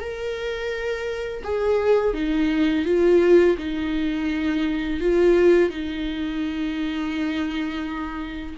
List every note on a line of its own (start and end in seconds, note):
0.00 1.43 A#4
1.44 2.14 G#4
2.14 2.85 D#4
2.85 3.57 F4
3.58 5.01 D#4
5.01 5.70 F4
5.70 8.56 D#4